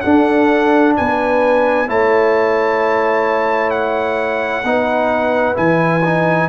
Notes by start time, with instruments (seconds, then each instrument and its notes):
0.00 tuba D4, trombone D4, horn A4, trumpet F#5
0.96 tuba B3, horn B4, trumpet G#5
1.87 tuba A3, trombone E4, horn C#5, trumpet A5
3.70 trumpet F#5
4.63 tuba B3, trombone D#4, horn B4
5.54 tuba E3, trombone E4, trumpet G#5
6.04 trombone D#4